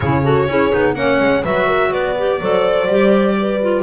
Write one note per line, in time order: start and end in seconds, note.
0.00 0.47 C#3
0.00 0.23 E4
0.00 0.24 G#4
0.00 0.94 C#5
0.23 0.47 F#4
0.23 0.48 A4
0.47 0.71 C#4
0.47 0.71 E4
0.47 0.95 G#4
0.71 0.94 B3
0.71 0.95 D#4
0.94 1.18 A#3
0.94 1.43 C#4
0.94 1.43 C#5
0.94 1.42 F#5
1.19 1.43 G#3
1.43 1.92 F#3
1.43 2.16 F#4
1.43 1.67 B4
1.43 1.92 E5
1.67 1.91 A#4
1.91 2.40 B3
1.91 2.39 B4
1.91 3.82 D5
2.17 2.40 G4
2.40 2.87 F#3
2.40 2.88 A4
2.40 3.37 C5
2.87 3.82 G3
2.87 3.61 G4
3.39 3.82 B4
3.61 3.82 F4